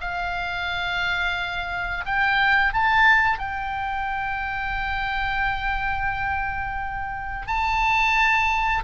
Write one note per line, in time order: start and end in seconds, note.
0.00 2.05 F5
2.05 2.73 G5
2.73 3.38 A5
3.38 7.47 G5
7.47 8.83 A5